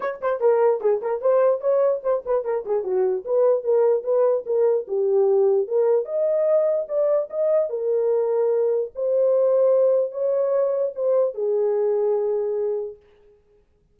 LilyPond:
\new Staff \with { instrumentName = "horn" } { \time 4/4 \tempo 4 = 148 cis''8 c''8 ais'4 gis'8 ais'8 c''4 | cis''4 c''8 b'8 ais'8 gis'8 fis'4 | b'4 ais'4 b'4 ais'4 | g'2 ais'4 dis''4~ |
dis''4 d''4 dis''4 ais'4~ | ais'2 c''2~ | c''4 cis''2 c''4 | gis'1 | }